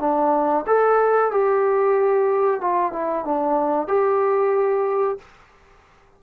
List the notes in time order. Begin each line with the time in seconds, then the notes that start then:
0.00 D4
0.67 A4
1.32 G4
2.61 F4
2.93 E4
3.25 D4
3.88 G4